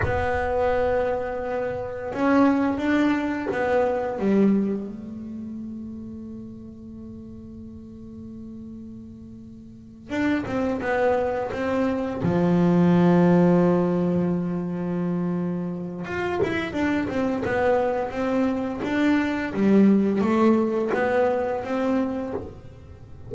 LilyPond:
\new Staff \with { instrumentName = "double bass" } { \time 4/4 \tempo 4 = 86 b2. cis'4 | d'4 b4 g4 a4~ | a1~ | a2~ a8 d'8 c'8 b8~ |
b8 c'4 f2~ f8~ | f2. f'8 e'8 | d'8 c'8 b4 c'4 d'4 | g4 a4 b4 c'4 | }